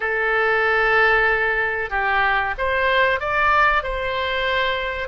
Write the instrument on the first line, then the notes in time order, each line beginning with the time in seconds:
oboe
0.00 A4
1.90 G4
2.58 C5
3.20 D5
3.83 C5